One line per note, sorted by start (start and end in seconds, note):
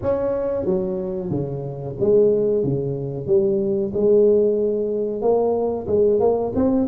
0.02 0.65 C#4
0.65 1.30 F#3
1.30 1.95 C#3
2.00 2.63 G#3
2.63 3.26 C#3
3.26 3.92 G3
3.93 5.21 G#3
5.21 5.86 A#3
5.87 6.20 G#3
6.20 6.52 A#3
6.55 6.87 C4